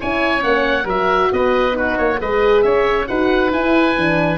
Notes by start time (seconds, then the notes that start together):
0.00 C#4 E4 C#5 G#5
0.41 A#3 C#4 F#5
0.85 F#3 F#4 A#4 E5
1.32 B3 B4 D#5
1.72 D#4 F#4 B4
1.98 A#3 C#5
2.18 G#3 G#4 B4 D#5
2.62 C#4 C#5 E5
3.08 D#4 F#4 B4 F#5
3.52 E4 G#5
3.97 E3 D4